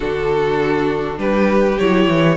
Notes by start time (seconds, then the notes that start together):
0.00 D3 D4 F#4 A4
1.17 G3 G4 B4
1.78 F#3 E4 C#5
2.08 E3